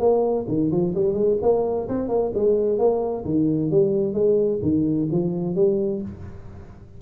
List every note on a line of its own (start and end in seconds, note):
0.00 0.46 A#3
0.48 0.71 D#3
0.71 0.94 F3
0.95 1.14 G3
1.14 1.37 G#3
1.42 1.88 A#3
1.89 2.09 C4
2.09 2.32 A#3
2.35 2.79 G#3
2.79 3.25 A#3
3.25 3.71 D#3
3.71 4.14 G3
4.14 4.60 G#3
4.63 5.09 D#3
5.12 5.56 F3
5.56 6.02 G3